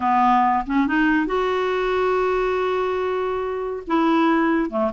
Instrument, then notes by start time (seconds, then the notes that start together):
clarinet
0.00 B3
0.66 C#4
0.87 D#4
1.26 F#4
3.87 E4
4.69 A3